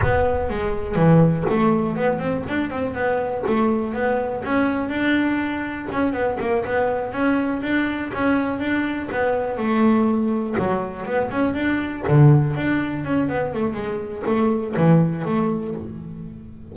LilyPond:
\new Staff \with { instrumentName = "double bass" } { \time 4/4 \tempo 4 = 122 b4 gis4 e4 a4 | b8 c'8 d'8 c'8 b4 a4 | b4 cis'4 d'2 | cis'8 b8 ais8 b4 cis'4 d'8~ |
d'8 cis'4 d'4 b4 a8~ | a4. fis4 b8 cis'8 d'8~ | d'8 d4 d'4 cis'8 b8 a8 | gis4 a4 e4 a4 | }